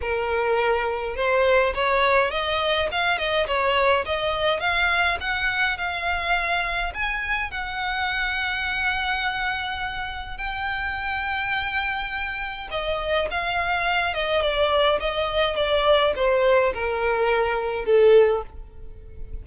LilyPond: \new Staff \with { instrumentName = "violin" } { \time 4/4 \tempo 4 = 104 ais'2 c''4 cis''4 | dis''4 f''8 dis''8 cis''4 dis''4 | f''4 fis''4 f''2 | gis''4 fis''2.~ |
fis''2 g''2~ | g''2 dis''4 f''4~ | f''8 dis''8 d''4 dis''4 d''4 | c''4 ais'2 a'4 | }